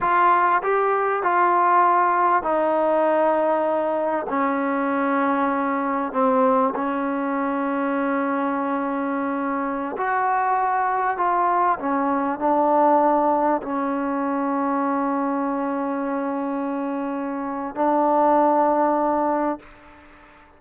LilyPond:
\new Staff \with { instrumentName = "trombone" } { \time 4/4 \tempo 4 = 98 f'4 g'4 f'2 | dis'2. cis'4~ | cis'2 c'4 cis'4~ | cis'1~ |
cis'16 fis'2 f'4 cis'8.~ | cis'16 d'2 cis'4.~ cis'16~ | cis'1~ | cis'4 d'2. | }